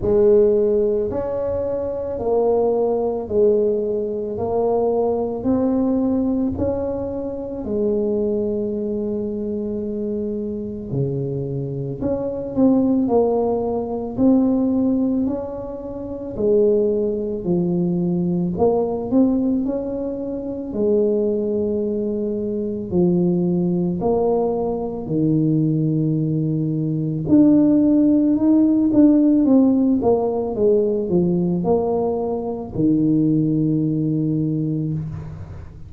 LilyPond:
\new Staff \with { instrumentName = "tuba" } { \time 4/4 \tempo 4 = 55 gis4 cis'4 ais4 gis4 | ais4 c'4 cis'4 gis4~ | gis2 cis4 cis'8 c'8 | ais4 c'4 cis'4 gis4 |
f4 ais8 c'8 cis'4 gis4~ | gis4 f4 ais4 dis4~ | dis4 d'4 dis'8 d'8 c'8 ais8 | gis8 f8 ais4 dis2 | }